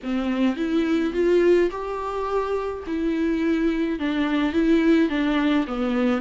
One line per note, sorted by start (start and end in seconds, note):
0.03 0.56 C4
0.56 1.13 E4
1.13 1.70 F4
1.71 2.84 G4
2.86 3.99 E4
3.99 4.52 D4
4.52 5.09 E4
5.09 5.65 D4
5.67 6.21 B3